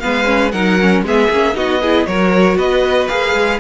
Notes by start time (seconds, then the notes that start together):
0.00 G#3 B3 B4 F5
0.25 C#4
0.51 F#3 D#4 A#4 F#5
0.81 C#4
1.02 G#3 B3 G#4 E5
1.30 A#3 C#4
1.54 B3 D#4 F#4 D#5
1.81 E4 G#4
2.06 F#3 F#4 A#4 C#5
2.56 B3 B4 D#5
3.08 A#3 G#4 F5
3.33 G#3